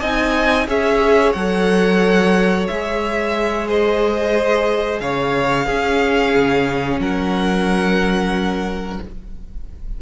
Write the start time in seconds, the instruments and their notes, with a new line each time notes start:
0.00 cello C4, viola D#4, violin D#5 G#5
0.67 cello C#4, viola G#4, violin C#5 E5
1.33 cello F#3, viola A4, violin F#5
2.67 cello G#3, viola G#4, violin E5
3.68 violin C5 D#5
5.00 cello C#3, violin C#5 F5
5.66 cello C#4, viola C#4, violin G#4
6.35 cello C#3
6.99 cello F#3, violin A#4 F#5